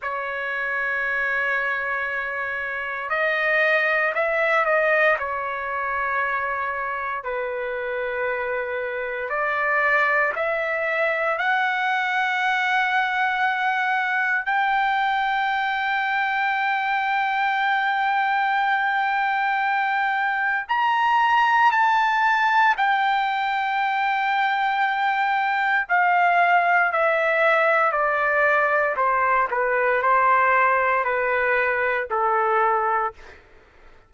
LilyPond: \new Staff \with { instrumentName = "trumpet" } { \time 4/4 \tempo 4 = 58 cis''2. dis''4 | e''8 dis''8 cis''2 b'4~ | b'4 d''4 e''4 fis''4~ | fis''2 g''2~ |
g''1 | ais''4 a''4 g''2~ | g''4 f''4 e''4 d''4 | c''8 b'8 c''4 b'4 a'4 | }